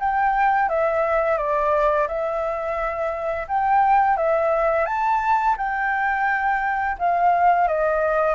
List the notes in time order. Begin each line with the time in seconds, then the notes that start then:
0.00 G5
0.69 E5
1.38 D5
2.08 E5
3.48 G5
4.17 E5
4.86 A5
5.58 G5
6.99 F5
7.68 D#5